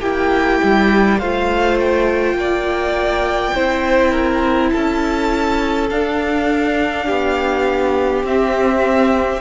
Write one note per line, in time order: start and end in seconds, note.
0.00 0.60 A#3
0.00 1.21 E4
0.00 1.18 G4
0.00 1.19 G5
0.64 1.23 G3
1.19 2.34 A3
1.19 3.55 F4
1.19 2.37 C5
1.19 1.78 F5
1.80 4.70 G5
2.34 3.52 A#3
2.34 3.55 D5
3.55 4.74 C4
3.55 5.90 E4
3.55 4.12 C5
4.12 4.70 A#4
4.70 5.91 C#4
4.70 7.06 A4
4.70 5.88 A5
5.90 7.09 D4
5.90 8.27 D4
5.90 8.26 F5
7.06 8.24 B3
7.06 9.41 G4
8.24 9.42 C4
8.24 9.42 E5